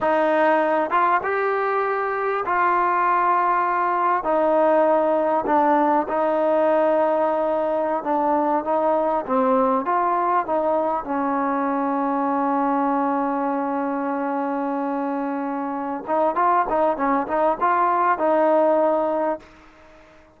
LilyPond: \new Staff \with { instrumentName = "trombone" } { \time 4/4 \tempo 4 = 99 dis'4. f'8 g'2 | f'2. dis'4~ | dis'4 d'4 dis'2~ | dis'4~ dis'16 d'4 dis'4 c'8.~ |
c'16 f'4 dis'4 cis'4.~ cis'16~ | cis'1~ | cis'2~ cis'8 dis'8 f'8 dis'8 | cis'8 dis'8 f'4 dis'2 | }